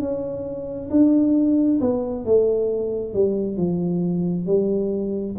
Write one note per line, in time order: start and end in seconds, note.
0.00 0.90 C#4
0.90 1.80 D4
1.81 2.25 B3
2.25 3.14 A3
3.14 3.57 G3
3.57 4.46 F3
4.46 5.36 G3